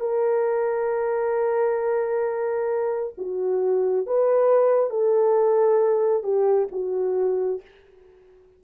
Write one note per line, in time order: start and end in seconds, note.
0.00 3.13 A#4
3.18 4.06 F#4
4.06 4.90 B4
4.90 6.23 A4
6.23 6.68 G4
6.72 7.61 F#4